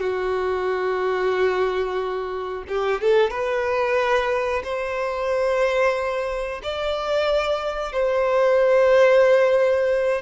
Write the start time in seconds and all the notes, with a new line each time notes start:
0.00 F#4
2.68 G4
3.01 A4
3.31 B4
4.63 C5
6.63 D5
7.92 C5